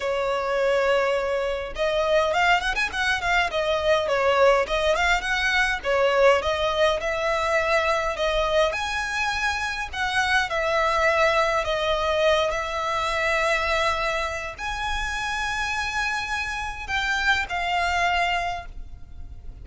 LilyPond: \new Staff \with { instrumentName = "violin" } { \time 4/4 \tempo 4 = 103 cis''2. dis''4 | f''8 fis''16 gis''16 fis''8 f''8 dis''4 cis''4 | dis''8 f''8 fis''4 cis''4 dis''4 | e''2 dis''4 gis''4~ |
gis''4 fis''4 e''2 | dis''4. e''2~ e''8~ | e''4 gis''2.~ | gis''4 g''4 f''2 | }